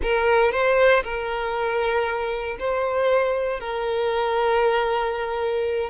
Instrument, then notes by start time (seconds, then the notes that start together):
violin
0.02 A#4
0.51 C5
1.03 A#4
2.59 C5
3.60 A#4